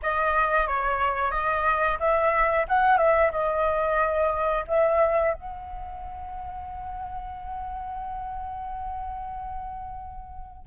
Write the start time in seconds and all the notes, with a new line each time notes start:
0.02 D#5
0.67 C#5
1.31 D#5
1.99 E5
2.68 F#5
2.97 E5
3.31 D#5
4.67 E5
5.33 F#5